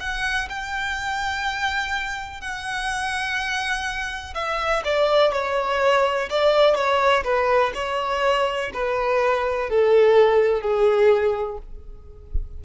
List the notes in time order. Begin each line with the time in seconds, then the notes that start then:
0.00 F#5
0.49 G5
2.41 F#5
4.35 E5
4.84 D5
5.32 C#5
6.30 D5
6.75 C#5
7.24 B4
7.75 C#5
8.74 B4
9.70 A4
10.61 G#4